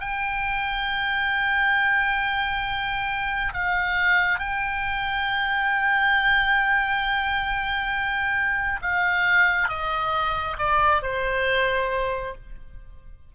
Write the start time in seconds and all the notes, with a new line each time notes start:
0.00 G5
3.53 F5
4.39 G5
8.82 F5
9.69 D#5
10.58 D5
11.03 C5